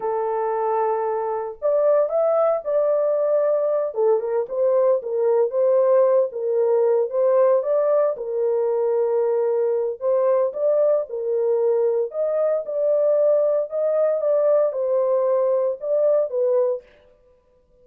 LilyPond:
\new Staff \with { instrumentName = "horn" } { \time 4/4 \tempo 4 = 114 a'2. d''4 | e''4 d''2~ d''8 a'8 | ais'8 c''4 ais'4 c''4. | ais'4. c''4 d''4 ais'8~ |
ais'2. c''4 | d''4 ais'2 dis''4 | d''2 dis''4 d''4 | c''2 d''4 b'4 | }